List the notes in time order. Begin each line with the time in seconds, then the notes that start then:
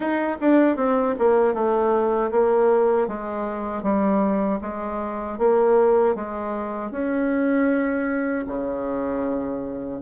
0.00 D#4
0.40 D4
0.76 C4
1.19 A#3
1.53 A3
2.31 A#3
3.07 G#3
3.82 G3
4.61 G#3
5.38 A#3
6.15 G#3
6.91 C#4
8.47 C#3